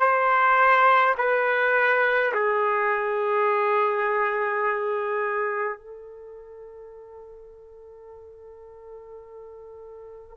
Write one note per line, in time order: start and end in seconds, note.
0.00 1.15 C5
1.18 2.33 B4
2.34 5.79 G#4
5.79 10.37 A4